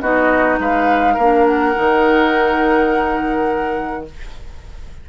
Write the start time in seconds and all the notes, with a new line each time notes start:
0.00 B3 D#4 F#4 D#5
0.59 G#3 B4 F5
1.14 A#3 A#4
1.20 D4
1.46 F#5
1.74 D#3 D#4